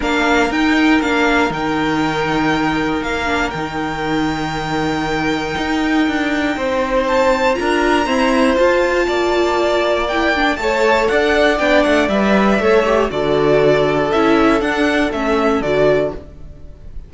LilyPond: <<
  \new Staff \with { instrumentName = "violin" } { \time 4/4 \tempo 4 = 119 f''4 g''4 f''4 g''4~ | g''2 f''4 g''4~ | g''1~ | g''2 a''4 ais''4~ |
ais''4 a''2. | g''4 a''4 fis''4 g''8 fis''8 | e''2 d''2 | e''4 fis''4 e''4 d''4 | }
  \new Staff \with { instrumentName = "violin" } { \time 4/4 ais'1~ | ais'1~ | ais'1~ | ais'4 c''2 ais'4 |
c''2 d''2~ | d''4 cis''4 d''2~ | d''4 cis''4 a'2~ | a'1 | }
  \new Staff \with { instrumentName = "viola" } { \time 4/4 d'4 dis'4 d'4 dis'4~ | dis'2~ dis'8 d'8 dis'4~ | dis'1~ | dis'2. f'4 |
c'4 f'2. | e'8 d'8 a'2 d'4 | b'4 a'8 g'8 fis'2 | e'4 d'4 cis'4 fis'4 | }
  \new Staff \with { instrumentName = "cello" } { \time 4/4 ais4 dis'4 ais4 dis4~ | dis2 ais4 dis4~ | dis2. dis'4 | d'4 c'2 d'4 |
e'4 f'4 ais2~ | ais4 a4 d'4 b8 a8 | g4 a4 d2 | cis'4 d'4 a4 d4 | }
>>